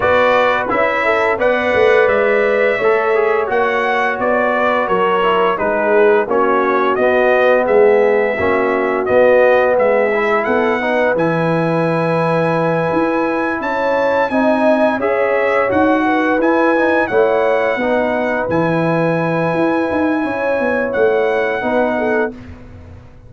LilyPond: <<
  \new Staff \with { instrumentName = "trumpet" } { \time 4/4 \tempo 4 = 86 d''4 e''4 fis''4 e''4~ | e''4 fis''4 d''4 cis''4 | b'4 cis''4 dis''4 e''4~ | e''4 dis''4 e''4 fis''4 |
gis''2.~ gis''8 a''8~ | a''8 gis''4 e''4 fis''4 gis''8~ | gis''8 fis''2 gis''4.~ | gis''2 fis''2 | }
  \new Staff \with { instrumentName = "horn" } { \time 4/4 b'4. a'8 d''2 | cis''2~ cis''8 b'8 ais'4 | gis'4 fis'2 gis'4 | fis'2 gis'4 a'8 b'8~ |
b'2.~ b'8 cis''8~ | cis''8 dis''4 cis''4. b'4~ | b'8 cis''4 b'2~ b'8~ | b'4 cis''2 b'8 a'8 | }
  \new Staff \with { instrumentName = "trombone" } { \time 4/4 fis'4 e'4 b'2 | a'8 gis'8 fis'2~ fis'8 e'8 | dis'4 cis'4 b2 | cis'4 b4. e'4 dis'8 |
e'1~ | e'8 dis'4 gis'4 fis'4 e'8 | dis'8 e'4 dis'4 e'4.~ | e'2. dis'4 | }
  \new Staff \with { instrumentName = "tuba" } { \time 4/4 b4 cis'4 b8 a8 gis4 | a4 ais4 b4 fis4 | gis4 ais4 b4 gis4 | ais4 b4 gis4 b4 |
e2~ e8 e'4 cis'8~ | cis'8 c'4 cis'4 dis'4 e'8~ | e'8 a4 b4 e4. | e'8 dis'8 cis'8 b8 a4 b4 | }
>>